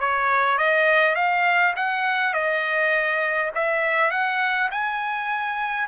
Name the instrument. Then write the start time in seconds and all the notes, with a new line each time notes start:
trumpet
0.00 C#5
0.58 D#5
1.15 F5
1.76 F#5
2.34 D#5
3.55 E5
4.11 F#5
4.71 G#5